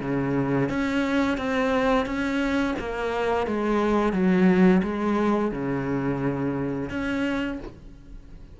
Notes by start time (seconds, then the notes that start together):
0.00 C#3
0.69 C#4
1.37 C4
2.06 C#4
2.79 A#3
3.46 G#3
4.12 F#3
4.82 G#3
5.51 C#3
6.89 C#4